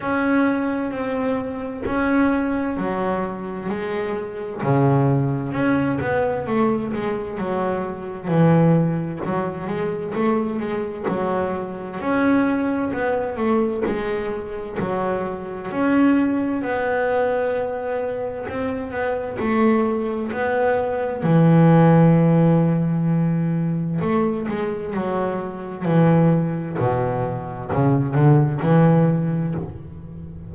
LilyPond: \new Staff \with { instrumentName = "double bass" } { \time 4/4 \tempo 4 = 65 cis'4 c'4 cis'4 fis4 | gis4 cis4 cis'8 b8 a8 gis8 | fis4 e4 fis8 gis8 a8 gis8 | fis4 cis'4 b8 a8 gis4 |
fis4 cis'4 b2 | c'8 b8 a4 b4 e4~ | e2 a8 gis8 fis4 | e4 b,4 cis8 d8 e4 | }